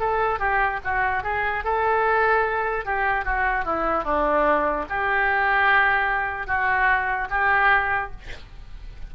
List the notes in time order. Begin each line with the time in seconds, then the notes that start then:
0.00 A4
0.39 G4
0.84 F#4
1.24 G#4
1.64 A4
2.86 G4
3.25 F#4
3.65 E4
4.04 D4
4.90 G4
6.47 F#4
7.30 G4